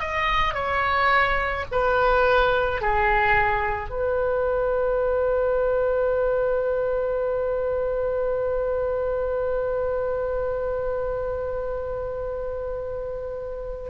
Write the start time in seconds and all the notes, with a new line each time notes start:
0.00 D#5
0.54 C#5
1.71 B4
2.81 G#4
3.89 B4